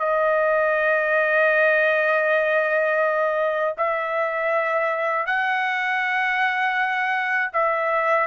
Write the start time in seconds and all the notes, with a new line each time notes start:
0.00 D#5
3.78 E5
5.26 F#5
7.53 E5